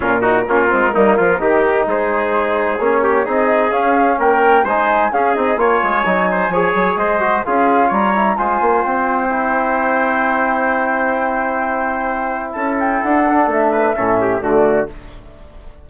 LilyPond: <<
  \new Staff \with { instrumentName = "flute" } { \time 4/4 \tempo 4 = 129 ais'1 | c''2 cis''4 dis''4 | f''4 g''4 gis''4 f''8 dis''8 | gis''2. dis''4 |
f''4 ais''4 gis''4 g''4~ | g''1~ | g''2. a''8 g''8 | fis''4 e''2 d''4 | }
  \new Staff \with { instrumentName = "trumpet" } { \time 4/4 f'8 fis'8 f'4 dis'8 f'8 g'4 | gis'2~ gis'8 g'8 gis'4~ | gis'4 ais'4 c''4 gis'4 | cis''4. c''8 cis''4 c''4 |
gis'4 cis''4 c''2~ | c''1~ | c''2. a'4~ | a'4. b'8 a'8 g'8 fis'4 | }
  \new Staff \with { instrumentName = "trombone" } { \time 4/4 cis'8 dis'8 cis'8 c'8 ais4 dis'4~ | dis'2 cis'4 dis'4 | cis'2 dis'4 cis'8 dis'8 | f'4 dis'4 gis'4. fis'8 |
f'4. e'8 f'2 | e'1~ | e'1~ | e'8 d'4. cis'4 a4 | }
  \new Staff \with { instrumentName = "bassoon" } { \time 4/4 ais,4 ais8 gis8 g8 f8 dis4 | gis2 ais4 c'4 | cis'4 ais4 gis4 cis'8 c'8 | ais8 gis8 fis4 f8 fis8 gis4 |
cis'4 g4 gis8 ais8 c'4~ | c'1~ | c'2. cis'4 | d'4 a4 a,4 d4 | }
>>